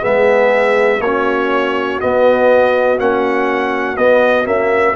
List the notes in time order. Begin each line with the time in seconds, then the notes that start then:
0.00 G#3 B3 G#4 E5
1.00 A#3 C#4 F#4 C#5
2.01 B3 D#5
2.98 A#3 C#4 F#5
3.97 B3 D#5
4.45 A#3 C#4 E5